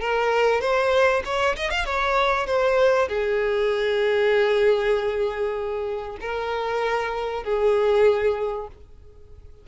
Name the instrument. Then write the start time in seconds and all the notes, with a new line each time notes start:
violin
0.00 A#4
0.61 C5
1.25 C#5
1.56 D#5
1.70 F5
1.85 C#5
2.46 C5
3.08 G#4
6.21 A#4
7.43 G#4